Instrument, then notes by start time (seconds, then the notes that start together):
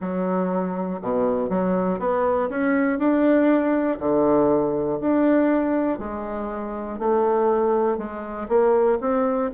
bassoon
0.00 F#3
1.01 B2
1.49 F#3
1.99 B3
2.49 C#4
2.98 D4
3.99 D3
5.00 D4
5.99 G#3
6.98 A3
7.97 G#3
8.48 A#3
9.00 C4